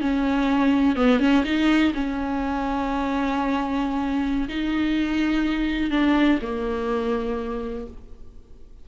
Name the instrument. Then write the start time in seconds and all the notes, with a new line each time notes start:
viola
0.00 C#4
0.95 B3
1.19 C#4
1.44 D#4
1.94 C#4
4.48 D#4
5.90 D4
6.42 A#3